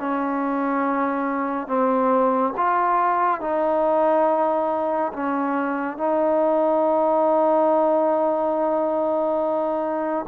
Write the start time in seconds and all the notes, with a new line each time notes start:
0.00 C#4
1.68 C4
2.57 F4
3.41 D#4
5.13 C#4
5.98 D#4